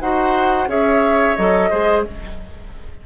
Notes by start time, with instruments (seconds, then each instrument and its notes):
0.00 bassoon D#4, clarinet F#4, oboe C5, flute F#5
0.67 bassoon C#4, clarinet G#4, oboe C#5, flute E5
1.36 bassoon F#3, clarinet A4, flute D#5
1.70 bassoon G#3, clarinet G#4, oboe C5